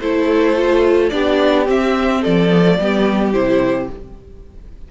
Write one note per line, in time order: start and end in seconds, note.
0.00 1.11 A3
0.00 0.56 E4
0.00 1.13 A4
0.00 1.10 C5
0.56 1.11 F4
1.10 1.68 B3
1.10 1.66 D4
1.10 2.21 G4
1.10 1.65 D5
1.66 2.49 C4
1.66 2.24 C4
1.66 2.23 E5
2.21 2.79 F3
2.21 2.77 A4
2.21 3.33 D5
2.49 2.63 B3
2.65 2.79 A3
2.79 3.34 G3
2.79 3.34 B3
2.79 3.91 G4
3.33 3.89 C3
3.33 3.89 E4
3.33 3.89 C5